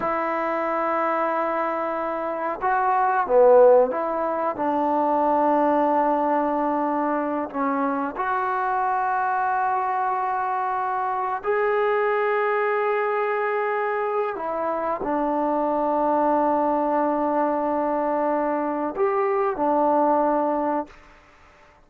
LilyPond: \new Staff \with { instrumentName = "trombone" } { \time 4/4 \tempo 4 = 92 e'1 | fis'4 b4 e'4 d'4~ | d'2.~ d'8 cis'8~ | cis'8 fis'2.~ fis'8~ |
fis'4. gis'2~ gis'8~ | gis'2 e'4 d'4~ | d'1~ | d'4 g'4 d'2 | }